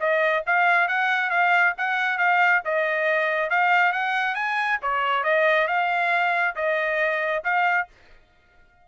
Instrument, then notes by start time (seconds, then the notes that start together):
trumpet
0.00 D#5
0.46 F5
0.88 F#5
1.30 F5
1.78 F#5
2.18 F5
2.65 D#5
3.50 F5
3.93 F#5
4.35 G#5
4.82 C#5
5.24 D#5
5.68 F5
6.56 D#5
7.44 F5